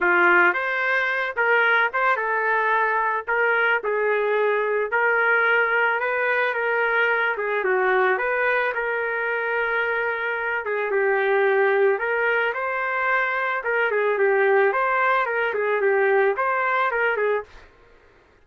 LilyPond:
\new Staff \with { instrumentName = "trumpet" } { \time 4/4 \tempo 4 = 110 f'4 c''4. ais'4 c''8 | a'2 ais'4 gis'4~ | gis'4 ais'2 b'4 | ais'4. gis'8 fis'4 b'4 |
ais'2.~ ais'8 gis'8 | g'2 ais'4 c''4~ | c''4 ais'8 gis'8 g'4 c''4 | ais'8 gis'8 g'4 c''4 ais'8 gis'8 | }